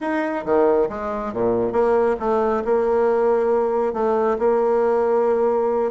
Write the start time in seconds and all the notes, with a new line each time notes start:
0.00 D#4
0.45 D#3
0.89 G#3
1.33 A#2
1.72 A#3
2.19 A3
2.64 A#3
3.93 A3
4.39 A#3